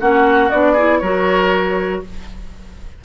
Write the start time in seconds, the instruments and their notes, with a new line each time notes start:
0.00 bassoon A#3, clarinet C#4, oboe F#4, flute F#5
0.50 bassoon B3, clarinet D4, flute D5
0.73 clarinet E4, oboe G#4
0.99 bassoon F#3, clarinet F#4, oboe A#4, flute C#5